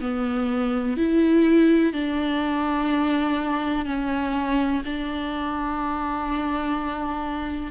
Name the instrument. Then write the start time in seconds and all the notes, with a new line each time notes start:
viola
0.00 B3
0.97 E4
1.93 D4
3.85 C#4
4.85 D4